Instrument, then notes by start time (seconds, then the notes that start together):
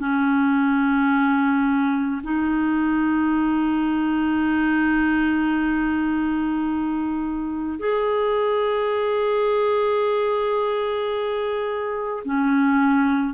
clarinet
0.00 C#4
2.24 D#4
7.79 G#4
12.25 C#4